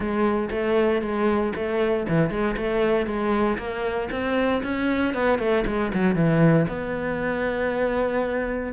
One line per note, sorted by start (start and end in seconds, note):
0.00 0.49 G#3
0.50 1.01 A3
1.01 1.52 G#3
1.55 2.07 A3
2.08 2.29 E3
2.29 2.55 G#3
2.56 3.06 A3
3.06 3.57 G#3
3.58 4.09 A#3
4.11 4.62 C4
4.63 5.14 C#4
5.14 5.38 B3
5.38 5.64 A3
5.66 5.92 G#3
5.93 6.15 F#3
6.15 6.66 E3
6.68 8.72 B3